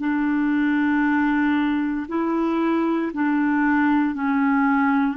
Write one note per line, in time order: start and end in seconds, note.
0.00 2.07 D4
2.09 3.12 E4
3.14 4.15 D4
4.15 5.17 C#4